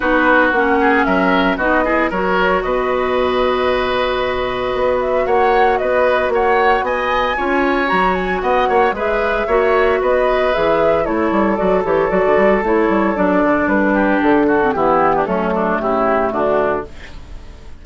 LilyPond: <<
  \new Staff \with { instrumentName = "flute" } { \time 4/4 \tempo 4 = 114 b'4 fis''4 e''4 dis''4 | cis''4 dis''2.~ | dis''4. e''8 fis''4 dis''4 | fis''4 gis''2 ais''8 gis''8 |
fis''4 e''2 dis''4 | e''4 cis''4 d''8 cis''8 d''4 | cis''4 d''4 b'4 a'4 | g'4 a'4 g'4 fis'4 | }
  \new Staff \with { instrumentName = "oboe" } { \time 4/4 fis'4. gis'8 ais'4 fis'8 gis'8 | ais'4 b'2.~ | b'2 cis''4 b'4 | cis''4 dis''4 cis''2 |
dis''8 cis''8 b'4 cis''4 b'4~ | b'4 a'2.~ | a'2~ a'8 g'4 fis'8 | e'8. d'16 cis'8 d'8 e'4 d'4 | }
  \new Staff \with { instrumentName = "clarinet" } { \time 4/4 dis'4 cis'2 dis'8 e'8 | fis'1~ | fis'1~ | fis'2 f'4 fis'4~ |
fis'4 gis'4 fis'2 | gis'4 e'4 fis'8 g'8 fis'4 | e'4 d'2~ d'8. c'16 | b4 a2. | }
  \new Staff \with { instrumentName = "bassoon" } { \time 4/4 b4 ais4 fis4 b4 | fis4 b,2.~ | b,4 b4 ais4 b4 | ais4 b4 cis'4 fis4 |
b8 ais8 gis4 ais4 b4 | e4 a8 g8 fis8 e8 fis16 d16 g8 | a8 g8 fis8 d8 g4 d4 | e4 fis4 cis4 d4 | }
>>